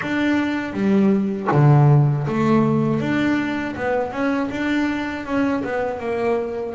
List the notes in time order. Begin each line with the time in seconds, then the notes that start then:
0.01 D4
0.73 G3
1.51 D3
2.27 A3
3.00 D4
3.76 B3
4.11 C#4
4.50 D4
5.25 C#4
5.64 B3
5.99 A#3